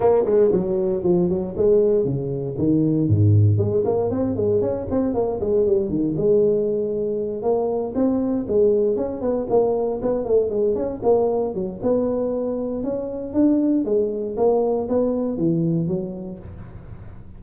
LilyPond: \new Staff \with { instrumentName = "tuba" } { \time 4/4 \tempo 4 = 117 ais8 gis8 fis4 f8 fis8 gis4 | cis4 dis4 gis,4 gis8 ais8 | c'8 gis8 cis'8 c'8 ais8 gis8 g8 dis8 | gis2~ gis8 ais4 c'8~ |
c'8 gis4 cis'8 b8 ais4 b8 | a8 gis8 cis'8 ais4 fis8 b4~ | b4 cis'4 d'4 gis4 | ais4 b4 e4 fis4 | }